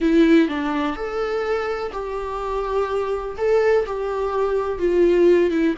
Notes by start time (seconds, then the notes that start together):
0.00 E4
0.48 D4
0.96 A4
1.92 G4
3.37 A4
3.86 G4
4.78 F4
5.50 E4